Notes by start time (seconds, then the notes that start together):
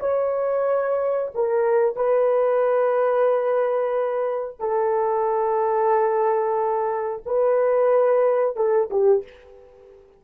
0.00 C#5
1.35 A#4
1.96 B4
4.59 A4
7.26 B4
8.57 A4
8.90 G4